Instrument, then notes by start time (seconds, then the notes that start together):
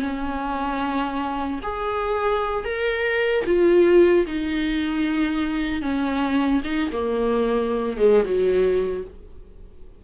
viola
0.00 C#4
1.62 G#4
2.65 A#4
3.46 F4
4.26 D#4
5.81 C#4
6.64 D#4
6.92 A#3
7.97 G#3
8.24 F#3